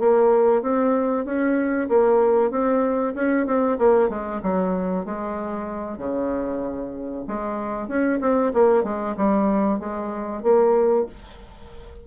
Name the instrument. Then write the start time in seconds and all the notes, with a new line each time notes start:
bassoon
0.00 A#3
0.62 C4
1.25 C#4
1.89 A#3
2.51 C4
3.15 C#4
3.47 C4
3.79 A#3
4.09 G#3
4.43 F#3
5.06 G#3
5.98 C#3
7.28 G#3
7.88 C#4
8.21 C4
8.54 A#3
8.84 G#3
9.17 G3
9.80 G#3
10.43 A#3